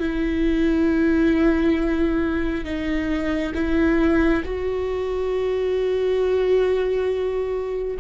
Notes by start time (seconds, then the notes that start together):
0.00 E4
2.65 D#4
3.55 E4
4.45 F#4